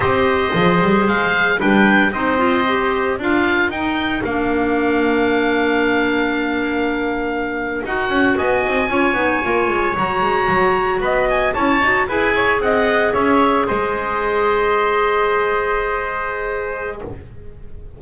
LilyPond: <<
  \new Staff \with { instrumentName = "oboe" } { \time 4/4 \tempo 4 = 113 dis''2 f''4 g''4 | dis''2 f''4 g''4 | f''1~ | f''2~ f''8. fis''4 gis''16~ |
gis''2~ gis''8. ais''4~ ais''16~ | ais''8. b''8 gis''8 a''4 gis''4 fis''16~ | fis''8. e''4 dis''2~ dis''16~ | dis''1 | }
  \new Staff \with { instrumentName = "trumpet" } { \time 4/4 c''2. b'4 | c''2 ais'2~ | ais'1~ | ais'2.~ ais'8. dis''16~ |
dis''8. cis''2.~ cis''16~ | cis''8. dis''4 cis''4 b'8 cis''8 dis''16~ | dis''8. cis''4 c''2~ c''16~ | c''1 | }
  \new Staff \with { instrumentName = "clarinet" } { \time 4/4 g'4 gis'2 d'4 | dis'8 f'8 g'4 f'4 dis'4 | d'1~ | d'2~ d'8. fis'4~ fis'16~ |
fis'8. f'8 dis'8 f'4 fis'4~ fis'16~ | fis'4.~ fis'16 e'8 fis'8 gis'4~ gis'16~ | gis'1~ | gis'1 | }
  \new Staff \with { instrumentName = "double bass" } { \time 4/4 c'4 f8 g8 gis4 g4 | c'2 d'4 dis'4 | ais1~ | ais2~ ais8. dis'8 cis'8 b16~ |
b16 c'8 cis'8 b8 ais8 gis8 fis8 gis8 fis16~ | fis8. b4 cis'8 dis'8 e'4 c'16~ | c'8. cis'4 gis2~ gis16~ | gis1 | }
>>